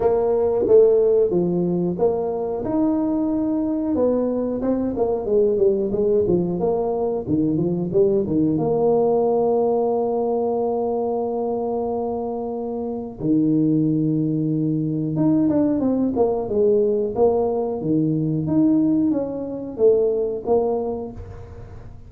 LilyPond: \new Staff \with { instrumentName = "tuba" } { \time 4/4 \tempo 4 = 91 ais4 a4 f4 ais4 | dis'2 b4 c'8 ais8 | gis8 g8 gis8 f8 ais4 dis8 f8 | g8 dis8 ais2.~ |
ais1 | dis2. dis'8 d'8 | c'8 ais8 gis4 ais4 dis4 | dis'4 cis'4 a4 ais4 | }